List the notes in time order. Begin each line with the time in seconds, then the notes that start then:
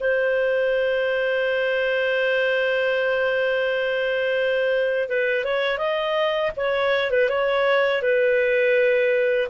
0.00 C5
5.09 B4
5.44 C#5
5.78 D#5
6.56 C#5
7.10 B4
7.29 C#5
8.02 B4